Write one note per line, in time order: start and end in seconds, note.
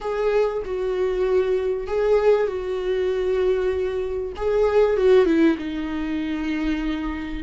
0.01 0.62 G#4
0.65 1.87 F#4
1.87 2.47 G#4
2.47 4.32 F#4
4.36 4.97 G#4
4.97 5.25 F#4
5.25 5.56 E4
5.58 7.43 D#4